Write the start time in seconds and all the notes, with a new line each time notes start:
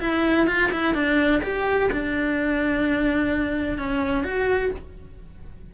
0.00 E4
0.47 F4
0.72 E4
0.94 D4
1.42 G4
1.92 D4
3.78 C#4
4.24 F#4